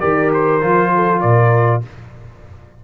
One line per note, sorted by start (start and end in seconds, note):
0.00 0.62 D#3
0.00 0.61 G4
0.00 0.91 A#4
0.00 0.30 D5
0.33 1.20 C5
0.61 1.23 F3
0.61 1.82 F4
0.95 1.21 A4
1.20 1.83 A#2
1.20 1.82 A#4
1.20 1.81 D5